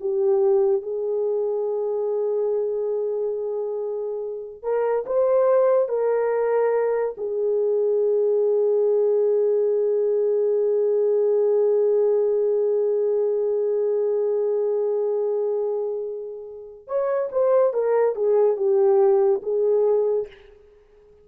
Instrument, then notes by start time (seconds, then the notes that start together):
horn
0.00 G4
0.82 G#4
4.62 A#4
5.06 C5
5.88 A#4
7.17 G#4
16.87 C#5
17.32 C5
17.73 A#4
18.15 G#4
18.56 G4
19.43 G#4